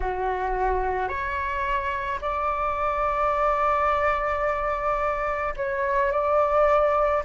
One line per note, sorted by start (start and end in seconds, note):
0.00 1.08 F#4
1.08 2.19 C#5
2.21 5.54 D5
5.56 6.11 C#5
6.11 7.22 D5